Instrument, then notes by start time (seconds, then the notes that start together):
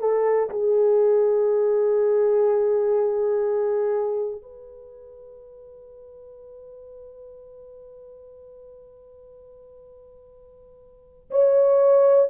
horn
0.00 A4
0.50 G#4
4.41 B4
11.31 C#5